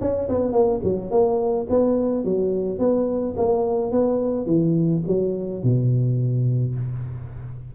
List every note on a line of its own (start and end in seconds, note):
0.00 0.28 C#4
0.29 0.52 B3
0.52 0.80 A#3
0.84 1.11 F#3
1.11 1.67 A#3
1.69 2.24 B3
2.24 2.79 F#3
2.79 3.35 B3
3.37 3.92 A#3
3.92 4.46 B3
4.46 5.02 E3
5.07 5.63 F#3
5.63 6.75 B2